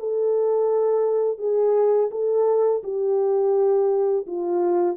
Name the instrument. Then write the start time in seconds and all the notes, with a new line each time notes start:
horn
0.00 A4
1.39 G#4
2.11 A4
2.84 G4
4.27 F4